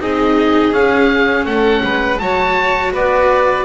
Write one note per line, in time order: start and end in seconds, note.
0.00 0.73 C4
0.00 0.73 D#4
0.00 1.46 G#4
0.00 0.73 D#5
0.73 2.19 C#4
0.73 1.45 C#4
0.73 1.45 F5
1.45 1.82 A3
1.45 1.83 A4
1.45 2.19 F#5
1.83 2.20 G#3
1.83 2.21 B4
2.19 2.93 F#3
2.19 3.65 F#4
2.19 2.93 C#5
2.19 2.92 A5
2.93 3.65 B3
2.93 3.65 B4
2.93 3.65 D5